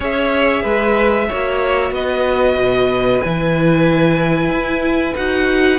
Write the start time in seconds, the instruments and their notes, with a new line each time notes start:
0.00 cello C#4, viola G#4, violin C#5 E5
0.62 cello G#3, violin B4
1.28 cello A#3, viola F#4, violin C#5
1.90 cello B3, violin B4 D#5
2.56 cello B2
3.21 cello E3, viola E4, violin G#5
4.50 cello E4
5.16 cello D#4, viola F#4, violin F#5